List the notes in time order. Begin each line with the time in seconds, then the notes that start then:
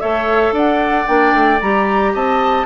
0.00 A3 A4 C#5 E5
0.51 D4 D5 F#5
1.06 A#3 D4 G5
1.33 A3
1.61 G3 G4 A#5
2.13 C4 D#5 A5